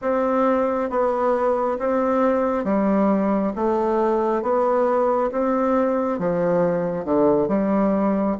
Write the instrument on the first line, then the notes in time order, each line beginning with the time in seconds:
bassoon
0.01 C4
0.89 B3
1.78 C4
2.64 G3
3.55 A3
4.42 B3
5.31 C4
6.18 F3
7.05 D3
7.48 G3